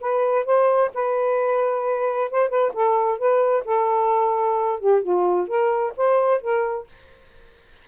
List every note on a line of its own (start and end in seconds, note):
0.00 0.45 B4
0.45 0.91 C5
0.94 2.30 B4
2.30 2.49 C5
2.49 2.72 B4
2.73 3.18 A4
3.18 3.64 B4
3.65 4.79 A4
4.79 5.02 G4
5.02 5.47 F4
5.47 5.93 A#4
5.96 6.41 C5
6.41 6.87 A#4